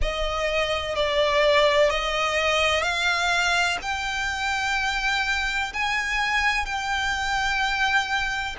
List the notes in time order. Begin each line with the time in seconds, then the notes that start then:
0.01 D#5
0.95 D5
1.90 D#5
2.82 F5
3.82 G5
5.73 G#5
6.65 G5